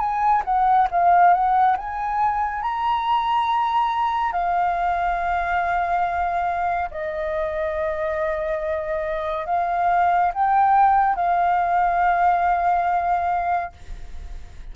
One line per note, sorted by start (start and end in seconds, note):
0.00 0.43 G#5
0.45 0.88 F#5
0.91 1.34 F5
1.34 1.77 F#5
1.78 2.63 G#5
2.63 4.33 A#5
4.33 6.90 F5
6.91 9.47 D#5
9.47 10.32 F5
10.34 11.16 G5
11.16 13.73 F5